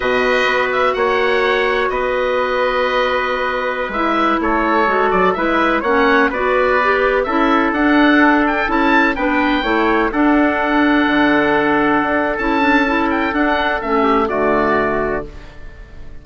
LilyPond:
<<
  \new Staff \with { instrumentName = "oboe" } { \time 4/4 \tempo 4 = 126 dis''4. e''8 fis''2 | dis''1~ | dis''16 e''4 cis''4. d''8 e''8.~ | e''16 fis''4 d''2 e''8.~ |
e''16 fis''4. g''8 a''4 g''8.~ | g''4~ g''16 fis''2~ fis''8.~ | fis''2 a''4. g''8 | fis''4 e''4 d''2 | }
  \new Staff \with { instrumentName = "trumpet" } { \time 4/4 b'2 cis''2 | b'1~ | b'4~ b'16 a'2 b'8.~ | b'16 cis''4 b'2 a'8.~ |
a'2.~ a'16 b'8.~ | b'16 cis''4 a'2~ a'8.~ | a'1~ | a'4. g'8 fis'2 | }
  \new Staff \with { instrumentName = "clarinet" } { \time 4/4 fis'1~ | fis'1~ | fis'16 e'2 fis'4 e'8.~ | e'16 cis'4 fis'4 g'4 e'8.~ |
e'16 d'2 e'4 d'8.~ | d'16 e'4 d'2~ d'8.~ | d'2 e'8 d'8 e'4 | d'4 cis'4 a2 | }
  \new Staff \with { instrumentName = "bassoon" } { \time 4/4 b,4 b4 ais2 | b1~ | b16 gis4 a4 gis8 fis8 gis8.~ | gis16 ais4 b2 cis'8.~ |
cis'16 d'2 cis'4 b8.~ | b16 a4 d'2 d8.~ | d4~ d16 d'8. cis'2 | d'4 a4 d2 | }
>>